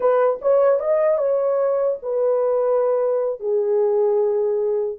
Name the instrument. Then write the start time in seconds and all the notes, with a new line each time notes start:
horn
0.00 B4
0.41 C#5
0.79 D#5
1.18 C#5
2.02 B4
3.40 G#4